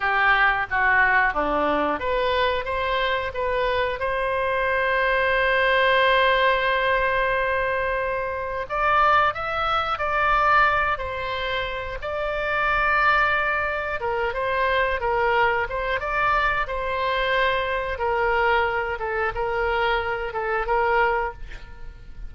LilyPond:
\new Staff \with { instrumentName = "oboe" } { \time 4/4 \tempo 4 = 90 g'4 fis'4 d'4 b'4 | c''4 b'4 c''2~ | c''1~ | c''4 d''4 e''4 d''4~ |
d''8 c''4. d''2~ | d''4 ais'8 c''4 ais'4 c''8 | d''4 c''2 ais'4~ | ais'8 a'8 ais'4. a'8 ais'4 | }